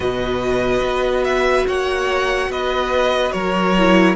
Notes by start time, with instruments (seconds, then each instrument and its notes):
0.00 cello B2, viola F#4, violin B4 D#5
0.81 cello B3
1.24 violin E5
1.67 cello A#3, violin C#5 F#5
2.49 cello B3, violin B4 D#5
3.31 cello F#3, violin A#4 C#5
3.78 viola E4